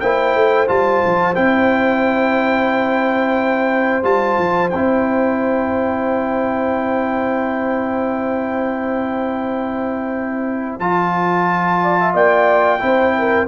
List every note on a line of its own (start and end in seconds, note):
0.00 0.35 A#3
0.00 0.67 E4
0.00 11.81 C5
0.00 0.67 G5
0.35 0.69 A3
0.67 1.03 G3
0.67 1.35 F4
0.67 1.35 A5
1.06 1.37 F3
1.35 4.04 C4
1.35 4.04 E4
1.35 4.05 G5
4.04 4.37 G3
4.04 4.71 F4
4.04 4.70 A5
4.39 4.72 F3
4.70 10.79 C4
4.70 10.81 E4
4.70 10.77 G5
10.79 12.14 F3
10.79 12.80 F4
10.79 12.15 A5
11.83 12.00 D5
12.01 12.14 E5
12.14 12.81 A#3
12.14 12.82 D5
12.14 13.48 G5
12.80 13.48 C4
12.80 13.47 E4
12.80 13.18 C5
13.19 13.48 A#4